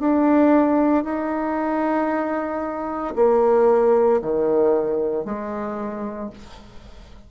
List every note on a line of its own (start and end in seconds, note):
0.00 1.04 D4
1.04 3.15 D#4
3.16 4.21 A#3
4.22 5.25 D#3
5.25 6.31 G#3